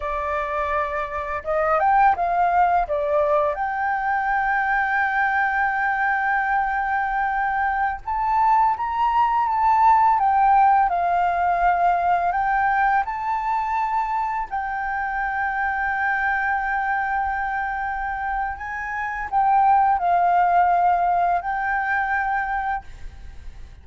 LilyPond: \new Staff \with { instrumentName = "flute" } { \time 4/4 \tempo 4 = 84 d''2 dis''8 g''8 f''4 | d''4 g''2.~ | g''2.~ g''16 a''8.~ | a''16 ais''4 a''4 g''4 f''8.~ |
f''4~ f''16 g''4 a''4.~ a''16~ | a''16 g''2.~ g''8.~ | g''2 gis''4 g''4 | f''2 g''2 | }